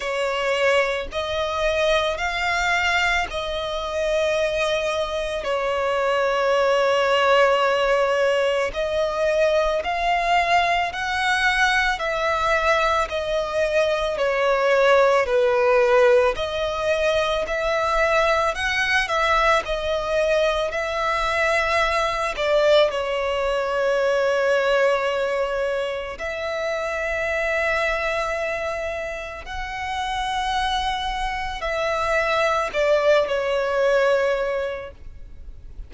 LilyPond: \new Staff \with { instrumentName = "violin" } { \time 4/4 \tempo 4 = 55 cis''4 dis''4 f''4 dis''4~ | dis''4 cis''2. | dis''4 f''4 fis''4 e''4 | dis''4 cis''4 b'4 dis''4 |
e''4 fis''8 e''8 dis''4 e''4~ | e''8 d''8 cis''2. | e''2. fis''4~ | fis''4 e''4 d''8 cis''4. | }